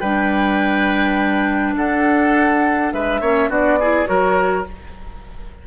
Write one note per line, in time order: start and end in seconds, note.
0.00 1.76 G3
0.00 3.24 D4
0.00 1.75 B4
0.00 1.75 G5
1.77 2.93 D4
1.77 2.94 A4
1.77 2.93 F#5
2.93 3.21 G#3
2.93 3.21 B4
2.93 3.51 E5
3.21 3.49 A#3
3.21 3.50 C#4
3.21 3.50 C#5
3.49 4.07 B3
3.49 3.79 D4
3.49 3.79 F#4
3.49 4.07 D5
3.80 4.06 E4
3.80 4.09 G#4
4.06 4.68 F#3
4.06 4.64 F#4
4.06 4.67 A#4
4.06 4.65 C#5